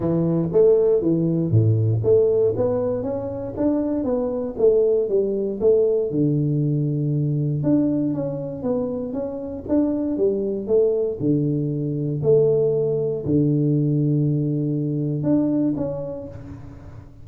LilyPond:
\new Staff \with { instrumentName = "tuba" } { \time 4/4 \tempo 4 = 118 e4 a4 e4 a,4 | a4 b4 cis'4 d'4 | b4 a4 g4 a4 | d2. d'4 |
cis'4 b4 cis'4 d'4 | g4 a4 d2 | a2 d2~ | d2 d'4 cis'4 | }